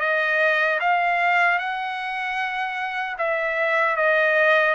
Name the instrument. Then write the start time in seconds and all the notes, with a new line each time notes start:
trumpet
0.00 D#5
0.80 F5
1.59 F#5
3.18 E5
3.96 D#5